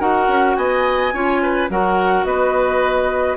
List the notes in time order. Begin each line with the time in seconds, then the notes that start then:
0.00 D#4 F#4 A#4 F#5
0.28 C#4
0.57 B3 D#5 G#5
1.14 C#4 F4 C#5
1.43 B4
1.70 F#3 F#4 A#4 F#5
2.25 B3 B4 D#5